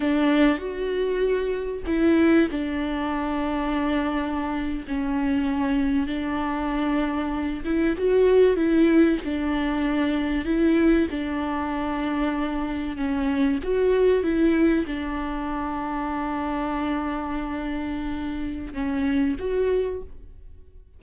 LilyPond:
\new Staff \with { instrumentName = "viola" } { \time 4/4 \tempo 4 = 96 d'4 fis'2 e'4 | d'2.~ d'8. cis'16~ | cis'4.~ cis'16 d'2~ d'16~ | d'16 e'8 fis'4 e'4 d'4~ d'16~ |
d'8. e'4 d'2~ d'16~ | d'8. cis'4 fis'4 e'4 d'16~ | d'1~ | d'2 cis'4 fis'4 | }